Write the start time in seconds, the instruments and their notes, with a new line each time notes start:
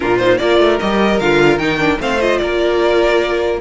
0.00 cello A#2, viola D4, violin F4 A#4
0.18 viola D#4, violin C5
0.37 cello A#3, viola F4, violin A#4 D5
0.58 cello A3
0.79 cello G3, viola G4, violin D#5
1.19 cello D3, viola F4, violin F5
1.57 cello D#3, viola D#4, violin G5
1.78 viola D4
1.99 cello A3, viola C4, violin C5 F5
2.20 viola F4, violin D#5
2.38 cello A#3, violin A#4 D5